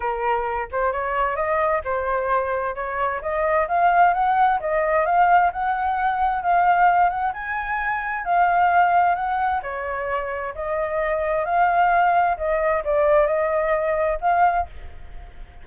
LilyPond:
\new Staff \with { instrumentName = "flute" } { \time 4/4 \tempo 4 = 131 ais'4. c''8 cis''4 dis''4 | c''2 cis''4 dis''4 | f''4 fis''4 dis''4 f''4 | fis''2 f''4. fis''8 |
gis''2 f''2 | fis''4 cis''2 dis''4~ | dis''4 f''2 dis''4 | d''4 dis''2 f''4 | }